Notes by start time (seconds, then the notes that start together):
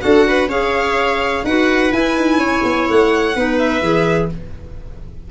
0.00 D4 F#4 A4 F#5
0.28 B4
0.47 C#4 G#4 C#5 F5
1.43 D#4 F#4 B4 F#5
1.90 E4 G#5
2.16 D#4
2.37 C#4 C#5
2.63 B3
2.89 A3 F#5
3.35 B3 D#4 B4
3.58 E5
3.81 E3 G#4